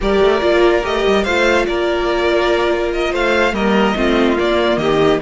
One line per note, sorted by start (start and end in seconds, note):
0.01 0.20 G3
0.01 0.40 G4
0.01 1.24 A#4
0.01 0.85 D5
0.20 0.41 A3
0.40 0.84 A#3
0.40 0.82 F4
0.83 1.05 A3
0.83 1.25 G4
0.83 1.24 D#5
1.06 1.26 G3
1.24 1.68 A3
1.24 3.53 F4
1.24 1.65 C5
1.24 1.65 F5
1.66 3.13 A#3
1.66 3.11 A#4
1.66 2.91 D5
2.93 3.14 D#5
3.11 3.52 A3
3.11 3.53 C5
3.11 3.54 F5
3.52 3.94 G3
3.52 3.94 A#3
3.52 3.96 A#4
3.52 4.37 D#5
3.95 4.37 A3
3.95 4.36 C4
3.95 4.80 F4
4.36 5.19 A#3
4.36 4.77 A#3
4.36 4.78 D5
4.77 5.18 D#3
4.77 5.21 G4
4.77 5.20 D#5